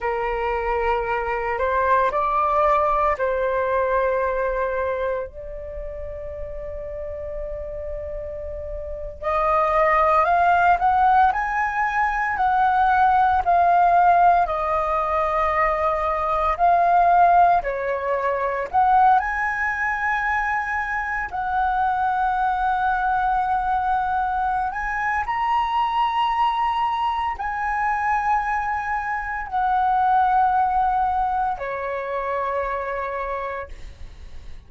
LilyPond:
\new Staff \with { instrumentName = "flute" } { \time 4/4 \tempo 4 = 57 ais'4. c''8 d''4 c''4~ | c''4 d''2.~ | d''8. dis''4 f''8 fis''8 gis''4 fis''16~ | fis''8. f''4 dis''2 f''16~ |
f''8. cis''4 fis''8 gis''4.~ gis''16~ | gis''16 fis''2.~ fis''16 gis''8 | ais''2 gis''2 | fis''2 cis''2 | }